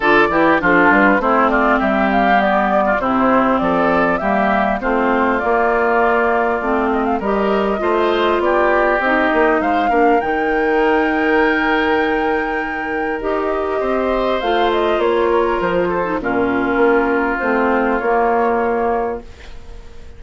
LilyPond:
<<
  \new Staff \with { instrumentName = "flute" } { \time 4/4 \tempo 4 = 100 d''4 a'8 b'8 c''8 d''8 e''8 f''8 | d''4 c''4 d''4 e''4 | c''4 d''2~ d''8 dis''16 f''16 | dis''2 d''4 dis''4 |
f''4 g''2.~ | g''2 dis''2 | f''8 dis''8 cis''4 c''4 ais'4~ | ais'4 c''4 cis''2 | }
  \new Staff \with { instrumentName = "oboe" } { \time 4/4 a'8 g'8 f'4 e'8 f'8 g'4~ | g'8. f'16 e'4 a'4 g'4 | f'1 | ais'4 c''4 g'2 |
c''8 ais'2.~ ais'8~ | ais'2. c''4~ | c''4. ais'4 a'8 f'4~ | f'1 | }
  \new Staff \with { instrumentName = "clarinet" } { \time 4/4 f'8 e'8 d'4 c'2 | b4 c'2 ais4 | c'4 ais2 c'4 | g'4 f'2 dis'4~ |
dis'8 d'8 dis'2.~ | dis'2 g'2 | f'2~ f'8. dis'16 cis'4~ | cis'4 c'4 ais2 | }
  \new Staff \with { instrumentName = "bassoon" } { \time 4/4 d8 e8 f8 g8 a4 g4~ | g4 c4 f4 g4 | a4 ais2 a4 | g4 a4 b4 c'8 ais8 |
gis8 ais8 dis2.~ | dis2 dis'4 c'4 | a4 ais4 f4 ais,4 | ais4 a4 ais2 | }
>>